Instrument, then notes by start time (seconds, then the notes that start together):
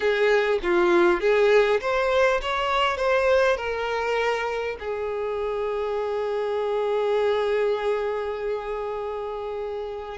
violin
0.00 G#4
0.62 F4
1.20 G#4
1.80 C5
2.41 C#5
2.97 C5
3.56 A#4
4.79 G#4